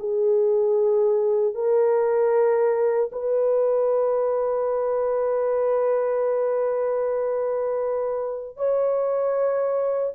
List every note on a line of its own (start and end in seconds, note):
0.00 1.55 G#4
1.55 3.11 A#4
3.12 8.57 B4
8.57 10.13 C#5